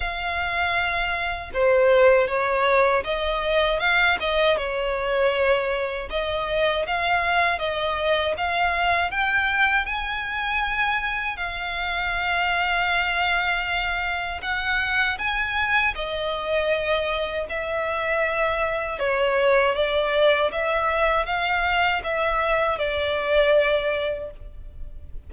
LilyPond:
\new Staff \with { instrumentName = "violin" } { \time 4/4 \tempo 4 = 79 f''2 c''4 cis''4 | dis''4 f''8 dis''8 cis''2 | dis''4 f''4 dis''4 f''4 | g''4 gis''2 f''4~ |
f''2. fis''4 | gis''4 dis''2 e''4~ | e''4 cis''4 d''4 e''4 | f''4 e''4 d''2 | }